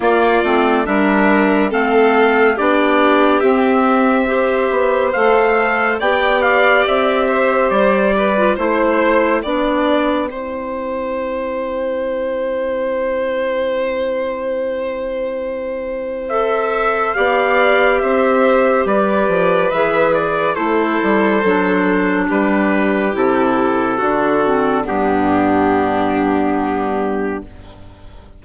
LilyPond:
<<
  \new Staff \with { instrumentName = "trumpet" } { \time 4/4 \tempo 4 = 70 d''4 e''4 f''4 d''4 | e''2 f''4 g''8 f''8 | e''4 d''4 c''4 g''4~ | g''1~ |
g''2. e''4 | f''4 e''4 d''4 e''8 d''8 | c''2 b'4 a'4~ | a'4 g'2. | }
  \new Staff \with { instrumentName = "violin" } { \time 4/4 f'4 ais'4 a'4 g'4~ | g'4 c''2 d''4~ | d''8 c''4 b'8 c''4 d''4 | c''1~ |
c''1 | d''4 c''4 b'2 | a'2 g'2 | fis'4 d'2. | }
  \new Staff \with { instrumentName = "clarinet" } { \time 4/4 ais8 c'8 d'4 c'4 d'4 | c'4 g'4 a'4 g'4~ | g'4.~ g'16 f'16 e'4 d'4 | e'1~ |
e'2. a'4 | g'2. gis'4 | e'4 d'2 e'4 | d'8 c'8 b2. | }
  \new Staff \with { instrumentName = "bassoon" } { \time 4/4 ais8 a8 g4 a4 b4 | c'4. b8 a4 b4 | c'4 g4 a4 b4 | c'1~ |
c'1 | b4 c'4 g8 f8 e4 | a8 g8 fis4 g4 c4 | d4 g,2. | }
>>